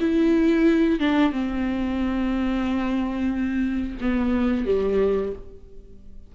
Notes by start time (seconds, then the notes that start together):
0.00 E4
0.99 D4
1.32 C4
4.01 B3
4.65 G3